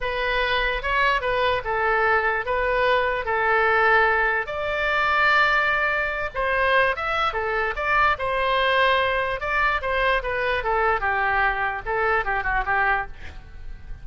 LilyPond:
\new Staff \with { instrumentName = "oboe" } { \time 4/4 \tempo 4 = 147 b'2 cis''4 b'4 | a'2 b'2 | a'2. d''4~ | d''2.~ d''8 c''8~ |
c''4 e''4 a'4 d''4 | c''2. d''4 | c''4 b'4 a'4 g'4~ | g'4 a'4 g'8 fis'8 g'4 | }